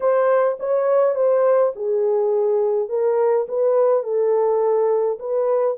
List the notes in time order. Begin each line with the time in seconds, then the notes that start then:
0.00 C5
0.59 C#5
1.15 C5
1.75 G#4
2.88 A#4
3.48 B4
4.03 A4
5.19 B4